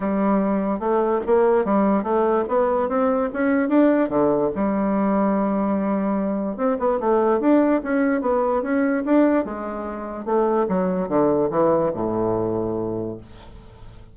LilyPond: \new Staff \with { instrumentName = "bassoon" } { \time 4/4 \tempo 4 = 146 g2 a4 ais4 | g4 a4 b4 c'4 | cis'4 d'4 d4 g4~ | g1 |
c'8 b8 a4 d'4 cis'4 | b4 cis'4 d'4 gis4~ | gis4 a4 fis4 d4 | e4 a,2. | }